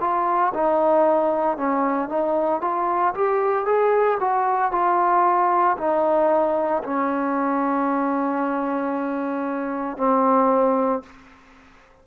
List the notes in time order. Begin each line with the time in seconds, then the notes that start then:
0.00 F4
0.54 D#4
1.57 C#4
2.09 D#4
2.61 F4
3.14 G4
3.66 G#4
4.20 F#4
4.71 F4
5.78 D#4
6.84 C#4
9.97 C4